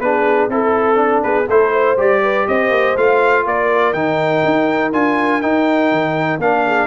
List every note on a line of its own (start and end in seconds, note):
0.00 0.49 B3
0.00 0.50 D4
0.00 0.51 G#4
0.00 0.50 B4
0.49 1.23 C4
0.49 0.96 E4
0.49 1.24 A4
0.49 1.23 A4
0.96 1.45 D4
1.23 1.49 B3
1.23 1.48 G#4
1.23 1.48 B4
1.48 1.98 A3
1.48 1.98 E4
1.48 1.72 A4
1.48 1.99 C5
1.72 2.22 C5
1.98 2.47 G3
1.98 2.97 G4
1.98 2.48 D5
2.23 2.48 B4
2.48 2.70 C4
2.48 3.46 C5
2.48 2.97 D#5
2.70 2.95 A#3
2.97 3.46 A3
2.97 3.95 F4
2.97 3.47 F5
3.46 3.94 A#3
3.46 6.66 A#4
3.46 3.94 D5
3.94 4.43 D#3
3.94 4.93 D#4
3.94 4.92 G5
4.46 4.94 D#4
4.93 5.43 D4
4.93 5.42 F4
4.93 5.42 G#5
5.42 6.40 D#4
5.42 5.92 D#4
5.42 6.40 G5
5.92 6.39 D#3
6.39 6.88 A#3
6.39 6.88 D4
6.39 6.88 F5
6.66 6.88 G#4